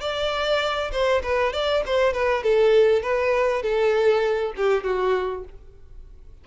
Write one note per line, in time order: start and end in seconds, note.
0.00 0.91 D5
0.91 1.22 C5
1.23 1.52 B4
1.52 1.83 D5
1.86 2.13 C5
2.13 2.43 B4
2.43 3.02 A4
3.02 3.62 B4
3.62 4.53 A4
4.56 4.83 G4
4.83 5.44 F#4